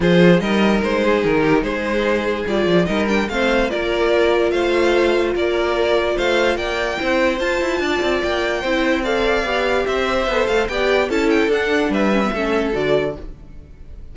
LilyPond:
<<
  \new Staff \with { instrumentName = "violin" } { \time 4/4 \tempo 4 = 146 c''4 dis''4 c''4 ais'4 | c''2 d''4 dis''8 g''8 | f''4 d''2 f''4~ | f''4 d''2 f''4 |
g''2 a''2 | g''2 f''2 | e''4. f''8 g''4 a''8 g''8 | fis''4 e''2 d''4 | }
  \new Staff \with { instrumentName = "violin" } { \time 4/4 gis'4 ais'4. gis'4 g'8 | gis'2. ais'4 | c''4 ais'2 c''4~ | c''4 ais'2 c''4 |
d''4 c''2 d''4~ | d''4 c''4 d''2 | c''2 d''4 a'4~ | a'4 b'4 a'2 | }
  \new Staff \with { instrumentName = "viola" } { \time 4/4 f'4 dis'2.~ | dis'2 f'4 dis'8 d'8 | c'4 f'2.~ | f'1~ |
f'4 e'4 f'2~ | f'4 e'4 a'4 g'4~ | g'4 a'4 g'4 e'4 | d'4. cis'16 b16 cis'4 fis'4 | }
  \new Staff \with { instrumentName = "cello" } { \time 4/4 f4 g4 gis4 dis4 | gis2 g8 f8 g4 | a4 ais2 a4~ | a4 ais2 a4 |
ais4 c'4 f'8 e'8 d'8 c'8 | ais4 c'2 b4 | c'4 b8 a8 b4 cis'4 | d'4 g4 a4 d4 | }
>>